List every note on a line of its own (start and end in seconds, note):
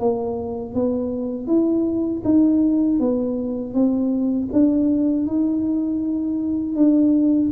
0.00 0.75 A#3
0.75 1.48 B3
1.48 2.23 E4
2.25 3.00 D#4
3.00 3.74 B3
3.74 4.49 C4
4.53 5.27 D4
5.27 6.76 D#4
6.76 7.51 D4